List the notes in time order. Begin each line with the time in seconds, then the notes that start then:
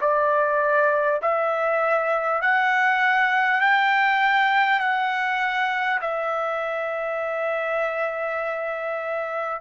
0.00 D5
1.22 E5
2.41 F#5
3.60 G5
4.79 F#5
6.01 E5